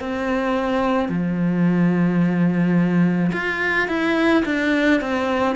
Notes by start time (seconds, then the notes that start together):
0.00 C4
1.09 F3
3.32 F4
3.88 E4
4.45 D4
5.01 C4